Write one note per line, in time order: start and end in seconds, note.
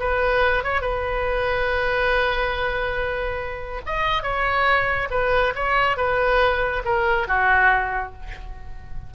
0.00 0.64 B4
0.64 0.82 C#5
0.82 3.82 B4
3.86 4.23 D#5
4.23 5.09 C#5
5.11 5.54 B4
5.56 5.97 C#5
5.97 6.83 B4
6.86 7.28 A#4
7.28 8.14 F#4